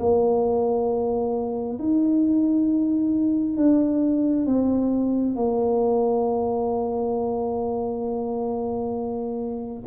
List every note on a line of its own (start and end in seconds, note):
0.00 1.79 A#3
1.79 3.57 D#4
3.57 4.47 D4
4.47 5.36 C4
5.36 9.84 A#3